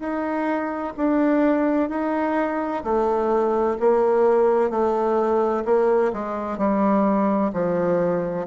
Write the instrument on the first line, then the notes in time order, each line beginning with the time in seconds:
bassoon
0.00 D#4
0.97 D4
1.90 D#4
2.84 A3
3.80 A#3
4.70 A3
5.65 A#3
6.13 G#3
6.58 G3
7.53 F3